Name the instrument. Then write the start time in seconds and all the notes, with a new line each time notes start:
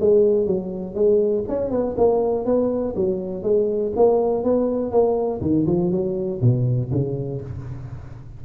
tuba
0.00 G#3
0.46 F#3
0.95 G#3
1.49 C#4
1.71 B3
1.97 A#3
2.45 B3
2.96 F#3
3.43 G#3
3.96 A#3
4.43 B3
4.91 A#3
5.41 D#3
5.66 F3
5.91 F#3
6.41 B2
6.92 C#3